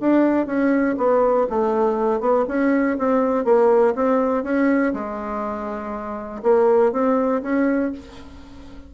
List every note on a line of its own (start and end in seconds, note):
0.00 0.46 D4
0.46 0.95 C#4
0.97 1.47 B3
1.49 2.20 A3
2.20 2.45 B3
2.47 2.97 C#4
2.98 3.44 C4
3.44 3.94 A#3
3.95 4.43 C4
4.43 4.92 C#4
4.93 6.42 G#3
6.42 6.92 A#3
6.92 7.41 C4
7.42 7.91 C#4